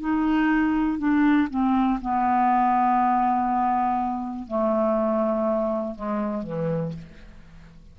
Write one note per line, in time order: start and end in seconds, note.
0.00 0.98 D#4
0.98 1.48 D4
1.50 2.00 C4
2.02 4.47 B3
4.47 5.95 A3
5.95 6.43 G#3
6.43 6.92 E3